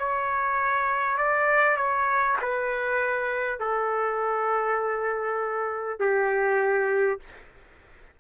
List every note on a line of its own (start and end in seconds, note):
0.00 1.18 C#5
1.18 1.77 D5
1.77 2.37 C#5
2.42 3.60 B4
3.60 6.00 A4
6.00 7.20 G4